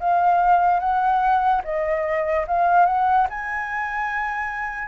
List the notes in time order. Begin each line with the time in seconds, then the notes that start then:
0.00 F5
0.80 F#5
1.64 D#5
2.48 F5
2.86 F#5
3.30 G#5